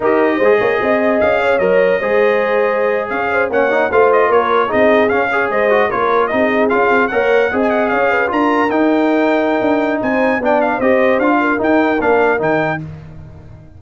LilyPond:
<<
  \new Staff \with { instrumentName = "trumpet" } { \time 4/4 \tempo 4 = 150 dis''2. f''4 | dis''2.~ dis''8. f''16~ | f''8. fis''4 f''8 dis''8 cis''4 dis''16~ | dis''8. f''4 dis''4 cis''4 dis''16~ |
dis''8. f''4 fis''4~ fis''16 gis''16 fis''8 f''16~ | f''8. ais''4 g''2~ g''16~ | g''4 gis''4 g''8 f''8 dis''4 | f''4 g''4 f''4 g''4 | }
  \new Staff \with { instrumentName = "horn" } { \time 4/4 ais'4 c''8 cis''8 dis''4. cis''8~ | cis''4 c''2~ c''8. cis''16~ | cis''16 c''8 cis''4 c''4 ais'4 gis'16~ | gis'4~ gis'16 cis''8 c''4 ais'4 gis'16~ |
gis'4.~ gis'16 cis''4 dis''4 cis''16~ | cis''16 b'8 ais'2.~ ais'16~ | ais'4 c''4 d''4 c''4~ | c''8 ais'2.~ ais'8 | }
  \new Staff \with { instrumentName = "trombone" } { \time 4/4 g'4 gis'2. | ais'4 gis'2.~ | gis'8. cis'8 dis'8 f'2 dis'16~ | dis'8. cis'8 gis'4 fis'8 f'4 dis'16~ |
dis'8. f'4 ais'4 gis'4~ gis'16~ | gis'8. f'4 dis'2~ dis'16~ | dis'2 d'4 g'4 | f'4 dis'4 d'4 dis'4 | }
  \new Staff \with { instrumentName = "tuba" } { \time 4/4 dis'4 gis8 ais8 c'4 cis'4 | fis4 gis2~ gis8. cis'16~ | cis'8. ais4 a4 ais4 c'16~ | c'8. cis'4 gis4 ais4 c'16~ |
c'8. cis'8 c'8 ais4 c'4 cis'16~ | cis'8. d'4 dis'2~ dis'16 | d'4 c'4 b4 c'4 | d'4 dis'4 ais4 dis4 | }
>>